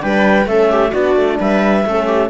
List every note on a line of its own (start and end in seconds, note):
0.00 0.46 G3
0.00 0.46 D4
0.00 0.48 B4
0.00 0.47 G5
0.46 0.92 A3
0.46 0.93 C#4
0.46 0.71 A4
0.46 0.92 E5
0.71 0.91 G4
0.91 1.16 B3
0.91 1.85 D4
0.91 1.36 F#4
0.91 1.38 D5
1.16 1.39 A3
1.40 1.85 G3
1.40 1.86 B4
1.40 2.30 E5
1.85 2.30 A3
1.85 2.30 C#4
1.85 2.06 A4
2.06 2.29 G4